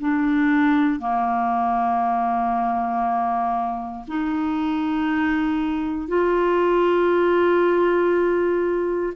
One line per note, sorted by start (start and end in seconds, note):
0.00 0.99 D4
0.99 4.04 A#3
4.08 6.08 D#4
6.08 9.13 F4